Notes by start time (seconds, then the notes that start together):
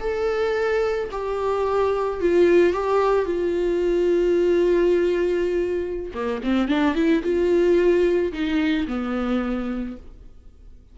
0.00 A4
1.11 G4
2.20 F4
2.73 G4
3.25 F4
6.14 A#3
6.43 C4
6.68 D4
6.95 E4
7.23 F4
8.32 D#4
8.87 B3